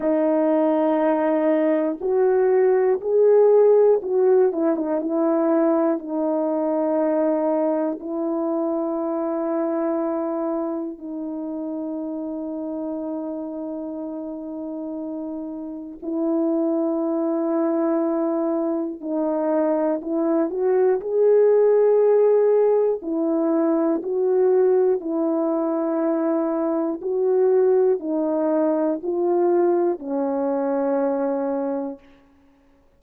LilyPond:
\new Staff \with { instrumentName = "horn" } { \time 4/4 \tempo 4 = 60 dis'2 fis'4 gis'4 | fis'8 e'16 dis'16 e'4 dis'2 | e'2. dis'4~ | dis'1 |
e'2. dis'4 | e'8 fis'8 gis'2 e'4 | fis'4 e'2 fis'4 | dis'4 f'4 cis'2 | }